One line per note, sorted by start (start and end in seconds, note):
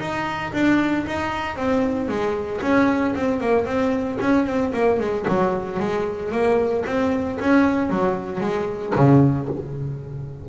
0.00 0.53 D#4
0.53 1.06 D4
1.07 1.56 D#4
1.56 2.09 C4
2.09 2.61 G#3
2.62 3.15 C#4
3.16 3.41 C4
3.41 3.66 A#3
3.66 4.19 C4
4.21 4.47 C#4
4.47 4.73 C4
4.74 5.00 A#3
5.00 5.26 G#3
5.29 5.80 F#3
5.80 6.32 G#3
6.32 6.85 A#3
6.87 7.39 C4
7.40 7.90 C#4
7.90 8.41 F#3
8.41 8.94 G#3
8.96 9.49 C#3